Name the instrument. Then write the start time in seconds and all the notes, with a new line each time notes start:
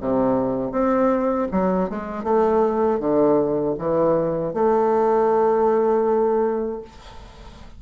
bassoon
0.00 C3
0.71 C4
1.51 F#3
1.89 G#3
2.23 A3
2.99 D3
3.78 E3
4.53 A3